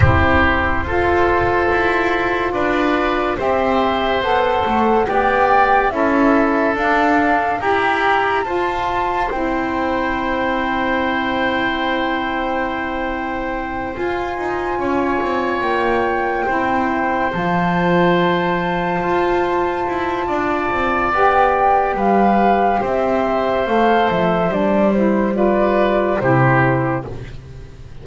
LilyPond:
<<
  \new Staff \with { instrumentName = "flute" } { \time 4/4 \tempo 4 = 71 c''2. d''4 | e''4 fis''4 g''4 e''4 | f''4 ais''4 a''4 g''4~ | g''1~ |
g''8 gis''2 g''4.~ | g''8 a''2.~ a''8~ | a''4 g''4 f''4 e''4 | f''8 e''8 d''8 c''8 d''4 c''4 | }
  \new Staff \with { instrumentName = "oboe" } { \time 4/4 g'4 a'2 b'4 | c''2 d''4 a'4~ | a'4 g'4 c''2~ | c''1~ |
c''4. cis''2 c''8~ | c''1 | d''2 b'4 c''4~ | c''2 b'4 g'4 | }
  \new Staff \with { instrumentName = "saxophone" } { \time 4/4 e'4 f'2. | g'4 a'4 g'4 e'4 | d'4 g'4 f'4 e'4~ | e'1~ |
e'8 f'2. e'8~ | e'8 f'2.~ f'8~ | f'4 g'2. | a'4 d'8 e'8 f'4 e'4 | }
  \new Staff \with { instrumentName = "double bass" } { \time 4/4 c'4 f'4 e'4 d'4 | c'4 b8 a8 b4 cis'4 | d'4 e'4 f'4 c'4~ | c'1~ |
c'8 f'8 dis'8 cis'8 c'8 ais4 c'8~ | c'8 f2 f'4 e'8 | d'8 c'8 b4 g4 c'4 | a8 f8 g2 c4 | }
>>